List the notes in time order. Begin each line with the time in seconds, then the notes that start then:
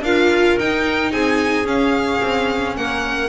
0.00 D4 F4 A#4 F5
0.59 D#4 G5
1.11 C4 G#4 G#5
1.64 C#4 F5
2.21 C4
2.76 A#3 A#4 F#5